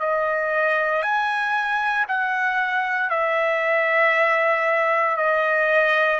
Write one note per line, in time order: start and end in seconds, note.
0.00 1.03 D#5
1.03 2.06 G#5
2.08 3.10 F#5
3.10 5.17 E5
5.17 6.20 D#5